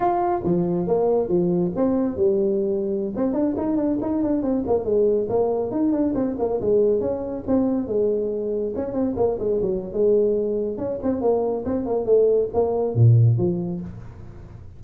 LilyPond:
\new Staff \with { instrumentName = "tuba" } { \time 4/4 \tempo 4 = 139 f'4 f4 ais4 f4 | c'4 g2~ g16 c'8 d'16~ | d'16 dis'8 d'8 dis'8 d'8 c'8 ais8 gis8.~ | gis16 ais4 dis'8 d'8 c'8 ais8 gis8.~ |
gis16 cis'4 c'4 gis4.~ gis16~ | gis16 cis'8 c'8 ais8 gis8 fis8. gis4~ | gis4 cis'8 c'8 ais4 c'8 ais8 | a4 ais4 ais,4 f4 | }